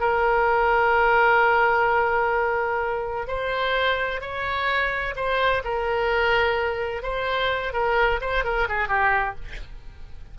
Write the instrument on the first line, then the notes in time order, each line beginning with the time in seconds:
oboe
0.00 A#4
3.27 C5
4.21 C#5
5.16 C5
5.64 A#4
7.03 C5
7.73 A#4
8.21 C5
8.44 A#4
8.69 G#4
8.88 G4